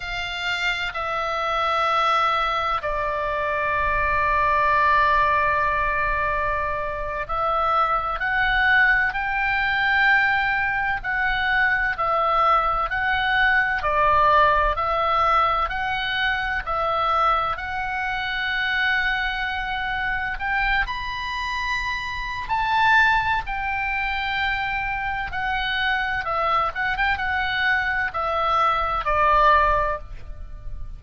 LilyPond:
\new Staff \with { instrumentName = "oboe" } { \time 4/4 \tempo 4 = 64 f''4 e''2 d''4~ | d''2.~ d''8. e''16~ | e''8. fis''4 g''2 fis''16~ | fis''8. e''4 fis''4 d''4 e''16~ |
e''8. fis''4 e''4 fis''4~ fis''16~ | fis''4.~ fis''16 g''8 b''4.~ b''16 | a''4 g''2 fis''4 | e''8 fis''16 g''16 fis''4 e''4 d''4 | }